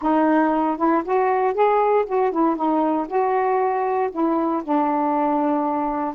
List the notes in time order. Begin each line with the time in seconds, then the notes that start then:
0.01 D#4
0.77 E4
1.04 F#4
1.54 G#4
2.06 F#4
2.31 E4
2.56 D#4
3.07 F#4
4.11 E4
4.63 D4